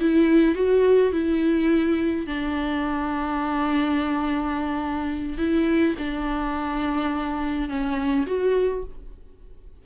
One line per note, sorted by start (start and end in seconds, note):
0.00 0.55 E4
0.55 1.12 F#4
1.12 2.27 E4
2.27 5.38 D4
5.38 5.95 E4
5.98 7.69 D4
7.69 8.26 C#4
8.27 8.84 F#4